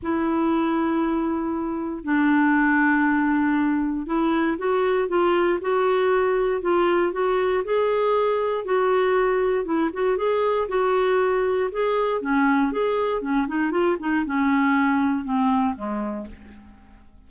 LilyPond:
\new Staff \with { instrumentName = "clarinet" } { \time 4/4 \tempo 4 = 118 e'1 | d'1 | e'4 fis'4 f'4 fis'4~ | fis'4 f'4 fis'4 gis'4~ |
gis'4 fis'2 e'8 fis'8 | gis'4 fis'2 gis'4 | cis'4 gis'4 cis'8 dis'8 f'8 dis'8 | cis'2 c'4 gis4 | }